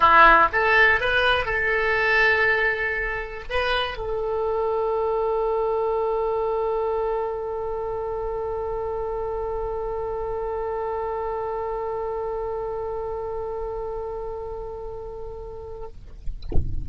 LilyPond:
\new Staff \with { instrumentName = "oboe" } { \time 4/4 \tempo 4 = 121 e'4 a'4 b'4 a'4~ | a'2. b'4 | a'1~ | a'1~ |
a'1~ | a'1~ | a'1~ | a'1 | }